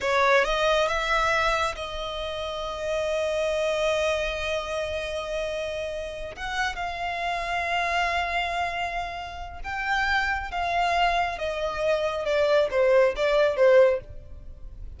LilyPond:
\new Staff \with { instrumentName = "violin" } { \time 4/4 \tempo 4 = 137 cis''4 dis''4 e''2 | dis''1~ | dis''1~ | dis''2~ dis''8 fis''4 f''8~ |
f''1~ | f''2 g''2 | f''2 dis''2 | d''4 c''4 d''4 c''4 | }